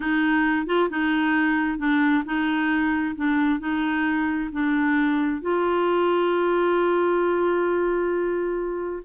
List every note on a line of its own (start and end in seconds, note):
0.00 0.66 D#4
0.66 0.89 F4
0.90 1.78 D#4
1.78 2.23 D4
2.25 3.15 D#4
3.15 3.59 D4
3.59 4.49 D#4
4.52 5.41 D4
5.41 9.02 F4